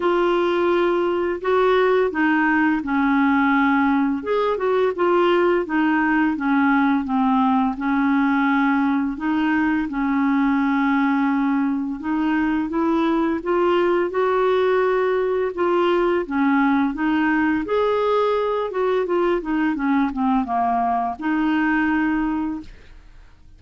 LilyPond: \new Staff \with { instrumentName = "clarinet" } { \time 4/4 \tempo 4 = 85 f'2 fis'4 dis'4 | cis'2 gis'8 fis'8 f'4 | dis'4 cis'4 c'4 cis'4~ | cis'4 dis'4 cis'2~ |
cis'4 dis'4 e'4 f'4 | fis'2 f'4 cis'4 | dis'4 gis'4. fis'8 f'8 dis'8 | cis'8 c'8 ais4 dis'2 | }